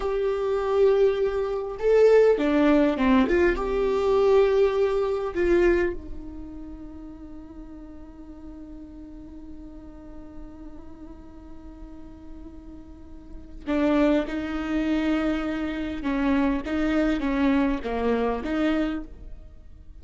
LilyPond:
\new Staff \with { instrumentName = "viola" } { \time 4/4 \tempo 4 = 101 g'2. a'4 | d'4 c'8 f'8 g'2~ | g'4 f'4 dis'2~ | dis'1~ |
dis'1~ | dis'2. d'4 | dis'2. cis'4 | dis'4 cis'4 ais4 dis'4 | }